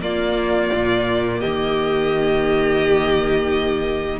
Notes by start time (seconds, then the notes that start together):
0.00 A#3 F4 D5
0.74 A#2
1.40 D#3 G4 D#5